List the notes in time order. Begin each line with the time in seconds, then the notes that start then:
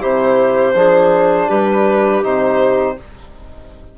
0.00 C3 E4 G4 C5
0.75 F3 D4 G#4
1.48 G3 G4 B4
2.23 C3 D#4 C5